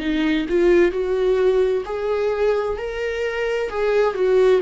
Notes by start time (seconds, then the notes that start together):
0.00 D#4
0.49 F4
0.91 F#4
1.85 G#4
2.77 A#4
3.70 G#4
4.15 F#4